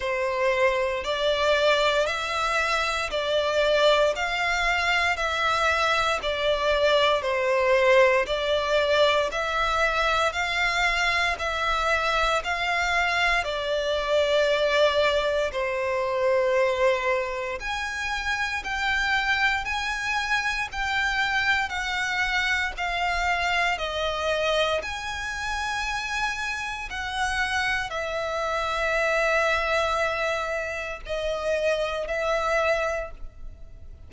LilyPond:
\new Staff \with { instrumentName = "violin" } { \time 4/4 \tempo 4 = 58 c''4 d''4 e''4 d''4 | f''4 e''4 d''4 c''4 | d''4 e''4 f''4 e''4 | f''4 d''2 c''4~ |
c''4 gis''4 g''4 gis''4 | g''4 fis''4 f''4 dis''4 | gis''2 fis''4 e''4~ | e''2 dis''4 e''4 | }